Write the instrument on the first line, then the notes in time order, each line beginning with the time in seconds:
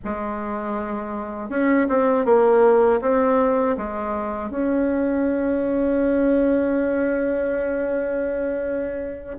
bassoon
0.04 G#3
1.49 C#4
1.89 C4
2.25 A#3
3.01 C4
3.77 G#3
4.50 C#4